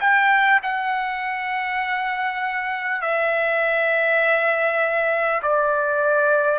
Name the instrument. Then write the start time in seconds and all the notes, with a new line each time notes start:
trumpet
0.00 G5
0.63 F#5
3.01 E5
5.42 D5